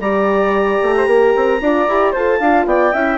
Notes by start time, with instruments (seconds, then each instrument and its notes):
0.00 bassoon G3, horn G4, flute D5, clarinet A#5
0.83 bassoon A3
0.97 flute C5
1.08 bassoon A#3, flute A#4
1.37 bassoon C4
1.61 bassoon D4, horn F4, flute D5
1.88 bassoon E4, horn G4
2.12 bassoon F4, horn A4, flute C5, clarinet A5
2.40 bassoon D4, horn F4, flute F5
2.66 bassoon B3, flute D5, clarinet G5
2.93 bassoon C#4, horn E4, flute E5